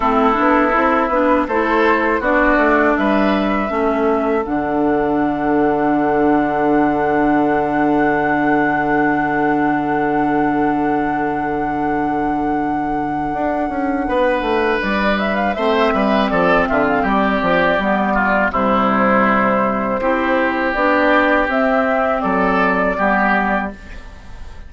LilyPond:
<<
  \new Staff \with { instrumentName = "flute" } { \time 4/4 \tempo 4 = 81 a'4. b'8 c''4 d''4 | e''2 fis''2~ | fis''1~ | fis''1~ |
fis''1 | d''8 e''16 f''16 e''4 d''8 e''16 f''16 d''4~ | d''4 c''2. | d''4 e''4 d''2 | }
  \new Staff \with { instrumentName = "oboe" } { \time 4/4 e'2 a'4 fis'4 | b'4 a'2.~ | a'1~ | a'1~ |
a'2. b'4~ | b'4 c''8 b'8 a'8 f'8 g'4~ | g'8 f'8 e'2 g'4~ | g'2 a'4 g'4 | }
  \new Staff \with { instrumentName = "clarinet" } { \time 4/4 c'8 d'8 e'8 d'8 e'4 d'4~ | d'4 cis'4 d'2~ | d'1~ | d'1~ |
d'1~ | d'4 c'2. | b4 g2 e'4 | d'4 c'2 b4 | }
  \new Staff \with { instrumentName = "bassoon" } { \time 4/4 a8 b8 c'8 b8 a4 b8 a8 | g4 a4 d2~ | d1~ | d1~ |
d2 d'8 cis'8 b8 a8 | g4 a8 g8 f8 d8 g8 f8 | g4 c2 c'4 | b4 c'4 fis4 g4 | }
>>